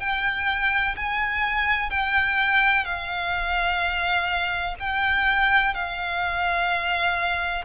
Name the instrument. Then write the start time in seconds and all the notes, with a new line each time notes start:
violin
0.00 G5
0.96 G#5
1.90 G5
2.85 F5
4.79 G5
5.74 F5